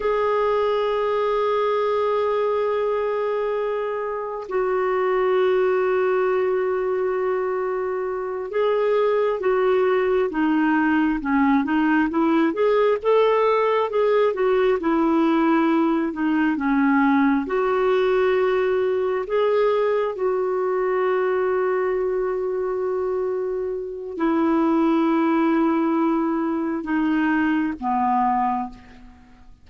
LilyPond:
\new Staff \with { instrumentName = "clarinet" } { \time 4/4 \tempo 4 = 67 gis'1~ | gis'4 fis'2.~ | fis'4. gis'4 fis'4 dis'8~ | dis'8 cis'8 dis'8 e'8 gis'8 a'4 gis'8 |
fis'8 e'4. dis'8 cis'4 fis'8~ | fis'4. gis'4 fis'4.~ | fis'2. e'4~ | e'2 dis'4 b4 | }